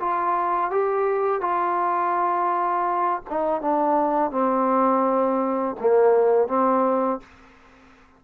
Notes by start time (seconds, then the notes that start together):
0.00 F4
0.71 G4
1.41 F4
3.30 D#4
3.61 D4
4.31 C4
5.81 A#3
6.48 C4